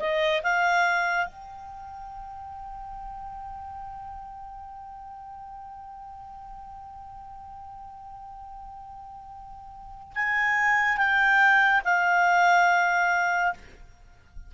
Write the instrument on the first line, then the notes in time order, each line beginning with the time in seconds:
clarinet
0.00 D#5
0.44 F5
1.27 G5
10.16 G#5
10.98 G5
11.85 F5